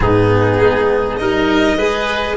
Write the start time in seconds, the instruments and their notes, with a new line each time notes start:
0.00 tuba G#2, cello B3, oboe D#4, violin G#4
0.60 tuba G#3
1.16 tuba G3, cello D#4, oboe A#4, violin D#5
1.75 tuba G#3, cello G#4, oboe B4